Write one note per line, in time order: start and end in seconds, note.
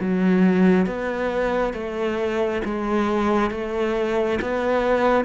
0.00 0.86 F#3
0.86 1.73 B3
1.73 2.61 A3
2.65 3.51 G#3
3.51 4.39 A3
4.42 5.25 B3